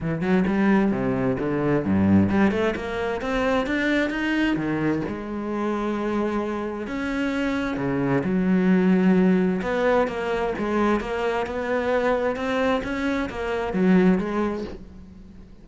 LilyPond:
\new Staff \with { instrumentName = "cello" } { \time 4/4 \tempo 4 = 131 e8 fis8 g4 c4 d4 | g,4 g8 a8 ais4 c'4 | d'4 dis'4 dis4 gis4~ | gis2. cis'4~ |
cis'4 cis4 fis2~ | fis4 b4 ais4 gis4 | ais4 b2 c'4 | cis'4 ais4 fis4 gis4 | }